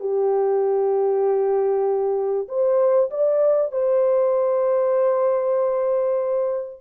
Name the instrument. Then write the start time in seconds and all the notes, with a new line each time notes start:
horn
0.00 G4
2.48 C5
3.10 D5
3.72 C5